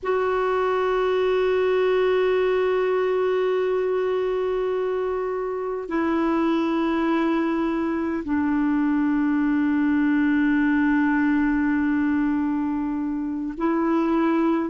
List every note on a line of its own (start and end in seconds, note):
0.03 5.88 F#4
5.88 8.24 E4
8.24 13.53 D4
13.57 14.70 E4